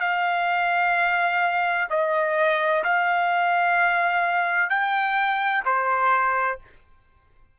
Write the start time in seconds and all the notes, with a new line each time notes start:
0.00 F5
1.89 D#5
2.84 F5
4.70 G5
5.65 C5